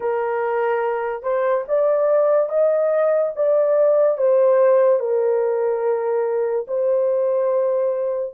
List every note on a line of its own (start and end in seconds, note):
0.00 1.22 A#4
1.22 1.64 C5
1.68 2.48 D5
2.48 3.32 D#5
3.35 4.17 D5
4.17 4.99 C5
4.99 6.66 A#4
6.67 8.34 C5